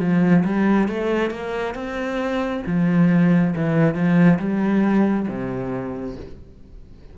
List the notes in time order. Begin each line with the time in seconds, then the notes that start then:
0.00 F3
0.45 G3
0.88 A3
1.31 A#3
1.75 C4
2.67 F3
3.56 E3
3.95 F3
4.39 G3
5.28 C3